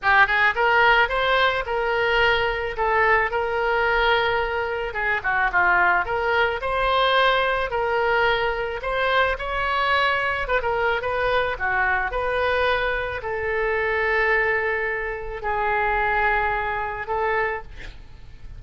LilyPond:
\new Staff \with { instrumentName = "oboe" } { \time 4/4 \tempo 4 = 109 g'8 gis'8 ais'4 c''4 ais'4~ | ais'4 a'4 ais'2~ | ais'4 gis'8 fis'8 f'4 ais'4 | c''2 ais'2 |
c''4 cis''2 b'16 ais'8. | b'4 fis'4 b'2 | a'1 | gis'2. a'4 | }